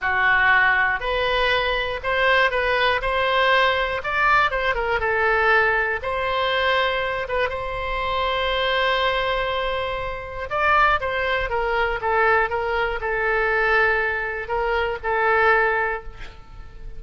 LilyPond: \new Staff \with { instrumentName = "oboe" } { \time 4/4 \tempo 4 = 120 fis'2 b'2 | c''4 b'4 c''2 | d''4 c''8 ais'8 a'2 | c''2~ c''8 b'8 c''4~ |
c''1~ | c''4 d''4 c''4 ais'4 | a'4 ais'4 a'2~ | a'4 ais'4 a'2 | }